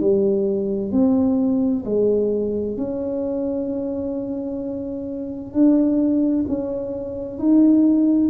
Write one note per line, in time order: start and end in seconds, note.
0.00 0.92 G3
0.92 1.85 C4
1.85 2.77 G#3
2.77 5.53 C#4
5.53 6.46 D4
6.48 7.39 C#4
7.39 8.30 D#4